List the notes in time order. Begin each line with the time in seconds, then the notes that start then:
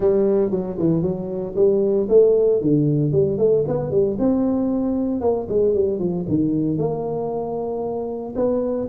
0.00 G3
0.51 F#3
0.78 E3
1.02 F#3
1.55 G3
2.09 A3
2.61 D3
3.11 G3
3.38 A3
3.67 B3
3.90 G3
4.18 C4
5.20 A#3
5.49 G#3
5.74 G3
5.99 F3
6.28 D#3
6.77 A#3
8.35 B3